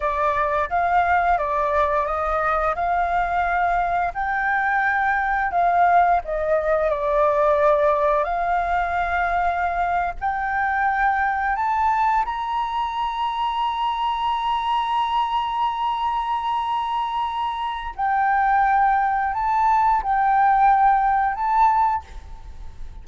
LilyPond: \new Staff \with { instrumentName = "flute" } { \time 4/4 \tempo 4 = 87 d''4 f''4 d''4 dis''4 | f''2 g''2 | f''4 dis''4 d''2 | f''2~ f''8. g''4~ g''16~ |
g''8. a''4 ais''2~ ais''16~ | ais''1~ | ais''2 g''2 | a''4 g''2 a''4 | }